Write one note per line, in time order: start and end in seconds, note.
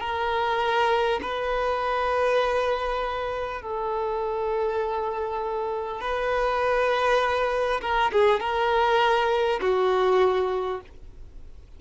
0.00 1.20 A#4
1.22 3.62 B4
3.62 6.01 A4
6.01 7.81 B4
7.81 8.11 A#4
8.12 8.40 G#4
8.40 9.60 A#4
9.60 10.80 F#4